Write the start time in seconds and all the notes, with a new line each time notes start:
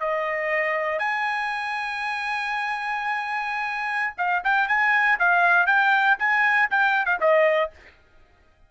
0.00 D#5
0.99 G#5
4.17 F5
4.44 G5
4.68 G#5
5.19 F5
5.67 G5
6.19 G#5
6.70 G5
7.05 F5
7.21 D#5